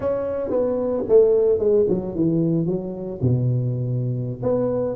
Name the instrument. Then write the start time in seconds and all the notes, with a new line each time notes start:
tuba
0.00 C#4
0.50 B3
1.08 A3
1.59 G#3
1.88 F#3
2.15 E3
2.66 F#3
3.21 B2
4.42 B3